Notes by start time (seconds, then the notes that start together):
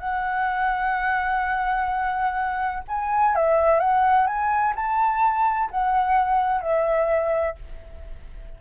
0.00 F#5
2.88 G#5
3.35 E5
3.80 F#5
4.27 G#5
4.76 A5
5.71 F#5
6.61 E5